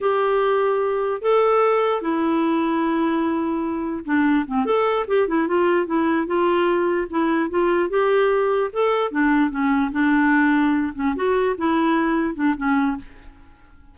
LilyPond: \new Staff \with { instrumentName = "clarinet" } { \time 4/4 \tempo 4 = 148 g'2. a'4~ | a'4 e'2.~ | e'2 d'4 c'8 a'8~ | a'8 g'8 e'8 f'4 e'4 f'8~ |
f'4. e'4 f'4 g'8~ | g'4. a'4 d'4 cis'8~ | cis'8 d'2~ d'8 cis'8 fis'8~ | fis'8 e'2 d'8 cis'4 | }